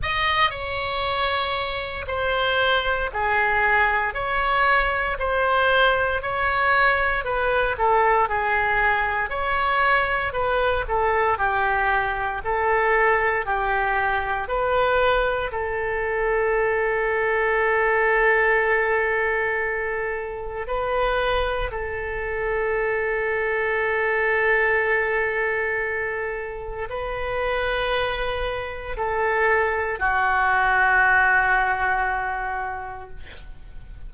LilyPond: \new Staff \with { instrumentName = "oboe" } { \time 4/4 \tempo 4 = 58 dis''8 cis''4. c''4 gis'4 | cis''4 c''4 cis''4 b'8 a'8 | gis'4 cis''4 b'8 a'8 g'4 | a'4 g'4 b'4 a'4~ |
a'1 | b'4 a'2.~ | a'2 b'2 | a'4 fis'2. | }